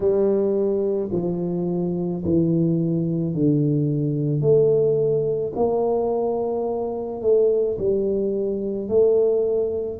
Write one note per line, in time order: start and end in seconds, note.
0.00 1.10 G3
1.12 2.23 F3
2.24 3.34 E3
3.34 4.41 D3
4.41 5.52 A3
5.56 7.21 A#3
7.21 7.77 A3
7.78 8.88 G3
8.88 9.99 A3